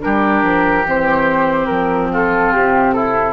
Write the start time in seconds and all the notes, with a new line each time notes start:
0.00 G3 D4 G4 A#4
0.43 F3
0.84 E3 C4 C5
1.66 F3 A#4
2.12 F4 A4
2.52 C3 G4
2.93 E4 A4